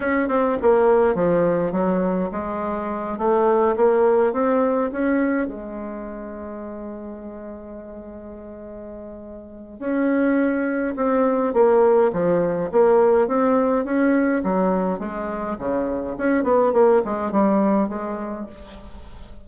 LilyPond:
\new Staff \with { instrumentName = "bassoon" } { \time 4/4 \tempo 4 = 104 cis'8 c'8 ais4 f4 fis4 | gis4. a4 ais4 c'8~ | c'8 cis'4 gis2~ gis8~ | gis1~ |
gis4 cis'2 c'4 | ais4 f4 ais4 c'4 | cis'4 fis4 gis4 cis4 | cis'8 b8 ais8 gis8 g4 gis4 | }